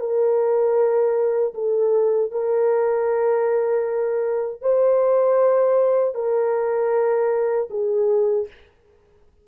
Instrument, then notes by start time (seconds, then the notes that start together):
horn
0.00 A#4
1.55 A4
2.31 A#4
4.62 C5
6.15 A#4
7.71 G#4